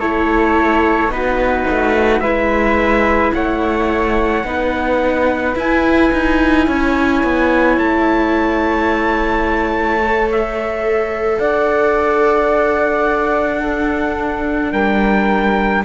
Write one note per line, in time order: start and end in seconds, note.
0.00 1.08 A3
0.00 1.10 E4
0.00 1.11 A4
0.00 1.11 C#5
1.08 1.64 B3
1.08 2.22 D#4
1.08 2.22 F#4
1.08 2.20 B4
1.70 2.21 A3
2.20 3.32 G#3
2.20 4.44 E4
2.20 3.33 B4
2.20 3.31 E5
3.34 4.44 A3
3.34 4.46 C#5
3.34 5.56 F#5
4.44 5.55 B3
4.44 5.55 D#4
4.44 6.66 B4
5.55 10.00 E4
5.55 6.11 E4
5.55 7.79 G#5
6.12 6.68 D#4
6.66 7.23 C#4
6.66 11.38 C#5
7.23 7.78 B3
7.78 11.39 A3
7.78 10.29 A5
10.02 13.63 A4
10.32 11.39 E5
11.39 14.72 D4
11.39 13.61 D5
11.39 14.72 F#5
13.61 15.85 D4
13.61 14.72 A4
14.72 15.84 G3
14.72 15.83 A#4
14.72 15.84 G5